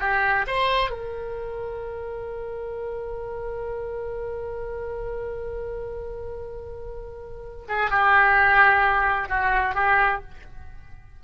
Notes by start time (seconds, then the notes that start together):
0.00 G4
0.47 C5
0.91 A#4
7.69 G#4
7.91 G4
9.29 F#4
9.75 G4